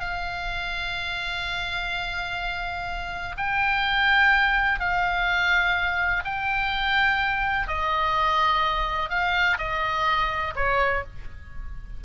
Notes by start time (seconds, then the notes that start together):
0.00 F5
3.37 G5
4.79 F5
6.24 G5
7.67 D#5
9.09 F5
9.58 D#5
10.55 C#5